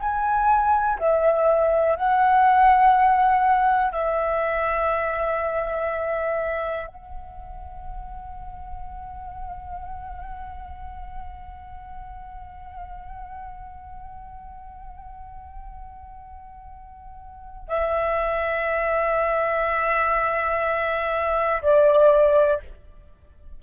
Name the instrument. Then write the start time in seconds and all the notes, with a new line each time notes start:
flute
0.00 G#5
0.99 E5
1.96 F#5
3.93 E5
6.88 F#5
17.69 E5
21.63 D5